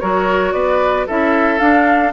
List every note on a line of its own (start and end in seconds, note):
0.00 0.54 F#3
0.00 1.07 F#4
0.00 0.54 A#4
0.00 0.53 C#5
0.53 1.07 B3
0.53 1.07 B4
0.53 1.06 D5
1.07 1.60 C#4
1.07 1.60 E4
1.07 2.13 A4
1.07 1.59 E5
1.59 2.13 D4
1.59 2.12 F5